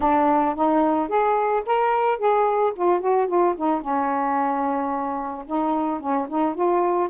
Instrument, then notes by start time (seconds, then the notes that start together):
saxophone
0.00 D4
0.55 D#4
1.08 G#4
1.66 A#4
2.18 G#4
2.75 F4
3.00 F#4
3.27 F4
3.57 D#4
3.81 C#4
5.46 D#4
6.00 C#4
6.29 D#4
6.54 F4